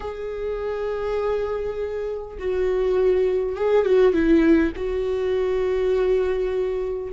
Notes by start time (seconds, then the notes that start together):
0.00 G#4
2.38 F#4
3.56 G#4
3.85 F#4
4.13 E4
4.76 F#4